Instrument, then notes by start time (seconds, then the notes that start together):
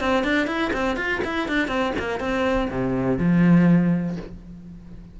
cello
0.00 C4
0.24 D4
0.47 E4
0.73 C4
0.97 F4
1.24 E4
1.48 D4
1.68 C4
1.99 A#3
2.20 C4
2.70 C3
3.18 F3